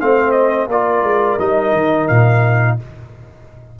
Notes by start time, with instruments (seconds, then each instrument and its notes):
0.00 tuba A3, trombone C4, horn C5, trumpet F5
0.32 trumpet D#5
0.67 tuba A#3, trombone F4, horn A#4, trumpet D5
1.02 tuba G#3
1.38 tuba G3, trombone D#4, trumpet D#5
1.72 tuba D#3
2.08 tuba A#2, trumpet F5